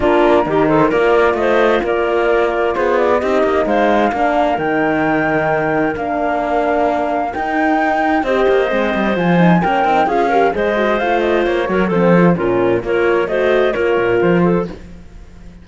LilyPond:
<<
  \new Staff \with { instrumentName = "flute" } { \time 4/4 \tempo 4 = 131 ais'4. c''8 d''4 dis''4 | d''2 c''8 d''8 dis''4 | f''2 g''2~ | g''4 f''2. |
g''2 dis''2 | gis''4 g''4 f''4 dis''4 | f''8 dis''8 cis''4 c''4 ais'4 | cis''4 dis''4 cis''4 c''4 | }
  \new Staff \with { instrumentName = "clarinet" } { \time 4/4 f'4 g'8 a'8 ais'4 c''4 | ais'2 gis'4 g'4 | c''4 ais'2.~ | ais'1~ |
ais'2 c''2~ | c''4 ais'4 gis'8 ais'8 c''4~ | c''4. ais'8 a'4 f'4 | ais'4 c''4 ais'4. a'8 | }
  \new Staff \with { instrumentName = "horn" } { \time 4/4 d'4 dis'4 f'2~ | f'2. dis'4~ | dis'4 d'4 dis'2~ | dis'4 d'2. |
dis'2 g'4 c'4 | f'8 dis'8 cis'8 dis'8 f'8 g'8 gis'8 fis'8 | f'4. fis'8 c'8 f'8 cis'4 | f'4 fis'4 f'2 | }
  \new Staff \with { instrumentName = "cello" } { \time 4/4 ais4 dis4 ais4 a4 | ais2 b4 c'8 ais8 | gis4 ais4 dis2~ | dis4 ais2. |
dis'2 c'8 ais8 gis8 g8 | f4 ais8 c'8 cis'4 gis4 | a4 ais8 fis8 f4 ais,4 | ais4 a4 ais8 ais,8 f4 | }
>>